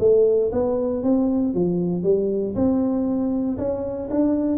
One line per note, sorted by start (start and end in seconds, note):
0.00 0.51 A3
0.52 1.03 B3
1.04 1.54 C4
1.54 2.04 F3
2.04 2.55 G3
2.55 3.58 C4
3.58 4.10 C#4
4.11 4.58 D4